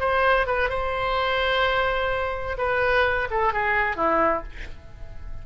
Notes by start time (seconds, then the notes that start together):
0.00 C5
0.47 B4
0.69 C5
2.58 B4
3.30 A4
3.53 G#4
3.96 E4